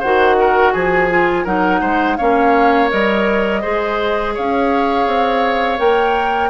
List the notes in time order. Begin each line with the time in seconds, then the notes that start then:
0.00 D#3 F#4 C5 F#5
0.39 A#4
0.73 F3 G#4 G#5
1.11 F4
1.45 F#3 D#4 A#4 F#5
1.81 G#3 C5
2.17 A#3 C#4 C#5 F5
2.90 G3 A#4 D#5
3.62 G#3 G#4 C5
4.34 C#4 C#5 F5
5.07 C4
5.78 A#3 A#4 G5